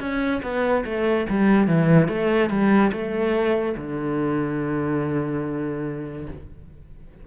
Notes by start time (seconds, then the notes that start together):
0.00 C#4
0.43 B3
0.85 A3
1.30 G3
1.67 E3
2.08 A3
2.50 G3
2.92 A3
3.77 D3